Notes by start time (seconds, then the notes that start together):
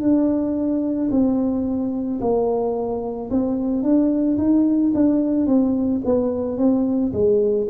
0.00 D4
1.11 C4
2.21 A#3
3.30 C4
3.83 D4
4.38 D#4
4.94 D4
5.46 C4
6.05 B3
6.58 C4
7.13 G#3